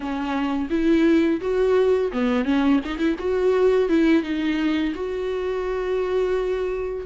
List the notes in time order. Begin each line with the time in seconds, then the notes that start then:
0.00 C#4
0.70 E4
1.41 F#4
2.12 B3
2.44 C#4
2.84 D#4
2.98 E4
3.19 F#4
3.88 E4
4.23 D#4
4.94 F#4